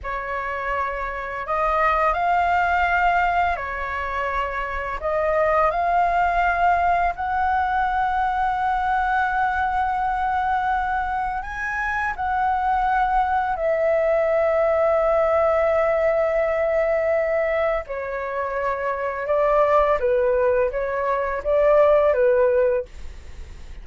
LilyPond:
\new Staff \with { instrumentName = "flute" } { \time 4/4 \tempo 4 = 84 cis''2 dis''4 f''4~ | f''4 cis''2 dis''4 | f''2 fis''2~ | fis''1 |
gis''4 fis''2 e''4~ | e''1~ | e''4 cis''2 d''4 | b'4 cis''4 d''4 b'4 | }